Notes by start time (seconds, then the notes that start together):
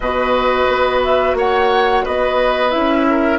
0.00 B2 F#4 B4 D#5
0.68 B3
1.02 E5
1.34 A#3 C#5 F#5
2.04 B3 B4 D#5
2.71 C#4 E4 E5
3.10 A#4